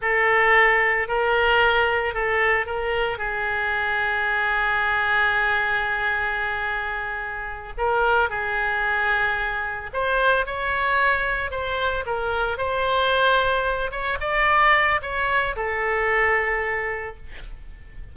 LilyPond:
\new Staff \with { instrumentName = "oboe" } { \time 4/4 \tempo 4 = 112 a'2 ais'2 | a'4 ais'4 gis'2~ | gis'1~ | gis'2~ gis'8 ais'4 gis'8~ |
gis'2~ gis'8 c''4 cis''8~ | cis''4. c''4 ais'4 c''8~ | c''2 cis''8 d''4. | cis''4 a'2. | }